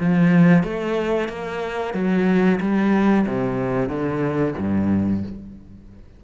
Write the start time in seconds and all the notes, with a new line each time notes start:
0.00 F3
0.63 A3
1.28 A#3
1.94 F#3
2.61 G3
3.26 C3
3.89 D3
4.58 G2